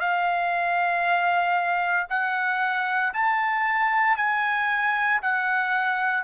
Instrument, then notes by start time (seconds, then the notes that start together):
trumpet
0.00 F5
2.10 F#5
3.14 A5
4.17 G#5
5.22 F#5